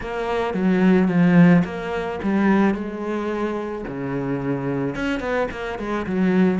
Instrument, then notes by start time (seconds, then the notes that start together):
cello
0.00 A#3
0.54 F#3
1.08 F3
1.64 A#3
2.23 G3
2.74 G#3
3.87 C#3
4.95 C#4
5.20 B3
5.51 A#3
5.78 G#3
6.06 F#3